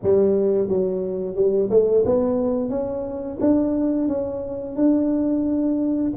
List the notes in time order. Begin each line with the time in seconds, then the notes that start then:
0.02 G3
0.68 F#3
1.35 G3
1.70 A3
2.05 B3
2.69 C#4
3.40 D4
4.08 C#4
4.76 D4